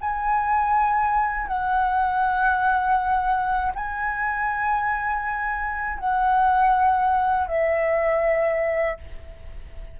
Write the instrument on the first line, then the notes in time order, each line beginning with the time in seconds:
flute
0.00 G#5
1.47 F#5
3.74 G#5
5.99 F#5
7.47 E5